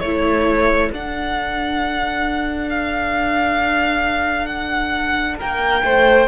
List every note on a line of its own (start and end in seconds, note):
0.00 0.91 A3
0.00 0.92 E4
0.00 5.38 A4
0.00 0.90 C#5
0.92 5.40 D4
0.92 6.28 D4
0.92 2.70 F#5
2.70 4.46 F5
4.46 5.35 F#5
5.38 5.83 A#3
5.38 5.82 A#4
5.38 6.28 G5
5.83 6.28 A3
5.83 6.28 C5